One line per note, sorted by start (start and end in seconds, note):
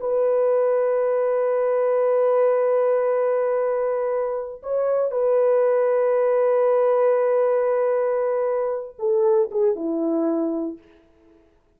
0.00 4.62 B4
4.63 5.11 C#5
5.11 8.96 B4
8.99 9.50 A4
9.51 9.76 G#4
9.76 10.78 E4